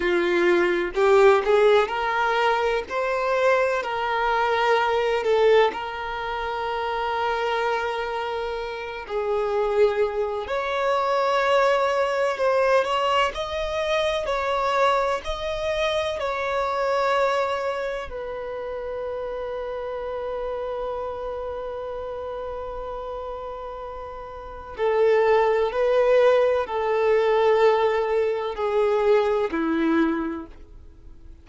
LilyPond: \new Staff \with { instrumentName = "violin" } { \time 4/4 \tempo 4 = 63 f'4 g'8 gis'8 ais'4 c''4 | ais'4. a'8 ais'2~ | ais'4. gis'4. cis''4~ | cis''4 c''8 cis''8 dis''4 cis''4 |
dis''4 cis''2 b'4~ | b'1~ | b'2 a'4 b'4 | a'2 gis'4 e'4 | }